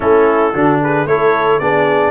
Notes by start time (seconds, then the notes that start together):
0.00 A3 C#4 E4 A4
0.53 D3 D4 F#4
0.83 G#4 B4
1.05 A3 E4 A4 C#5
1.59 B3 D4 G#4 D5